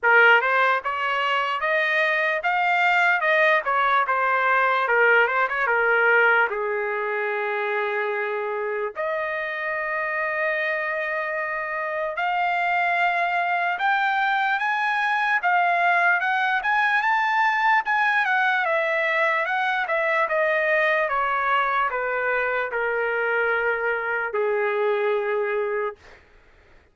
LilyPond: \new Staff \with { instrumentName = "trumpet" } { \time 4/4 \tempo 4 = 74 ais'8 c''8 cis''4 dis''4 f''4 | dis''8 cis''8 c''4 ais'8 c''16 cis''16 ais'4 | gis'2. dis''4~ | dis''2. f''4~ |
f''4 g''4 gis''4 f''4 | fis''8 gis''8 a''4 gis''8 fis''8 e''4 | fis''8 e''8 dis''4 cis''4 b'4 | ais'2 gis'2 | }